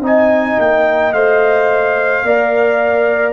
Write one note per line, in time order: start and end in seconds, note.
0.00 0.56 C4
0.00 1.13 D#4
0.00 2.24 D#5
0.00 0.60 G#5
0.58 1.12 A#3
0.58 1.12 G5
1.12 2.23 A3
1.12 2.25 C5
1.12 3.33 F5
2.23 3.33 A#3
2.23 3.33 A#4
2.23 3.33 D5